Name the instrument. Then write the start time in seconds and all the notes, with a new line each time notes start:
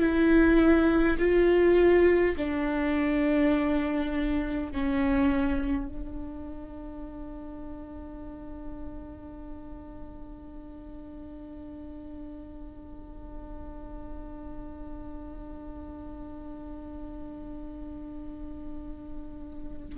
viola
0.00 E4
1.19 F4
2.37 D4
4.72 C#4
5.88 D4